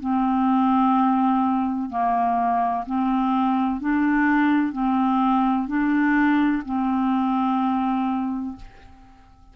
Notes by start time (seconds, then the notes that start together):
0.00 C4
1.90 A#3
2.86 C4
3.80 D4
4.72 C4
5.68 D4
6.65 C4